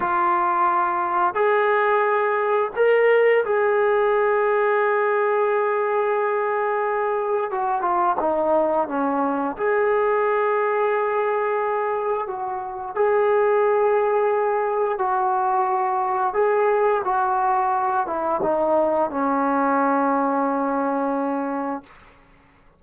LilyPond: \new Staff \with { instrumentName = "trombone" } { \time 4/4 \tempo 4 = 88 f'2 gis'2 | ais'4 gis'2.~ | gis'2. fis'8 f'8 | dis'4 cis'4 gis'2~ |
gis'2 fis'4 gis'4~ | gis'2 fis'2 | gis'4 fis'4. e'8 dis'4 | cis'1 | }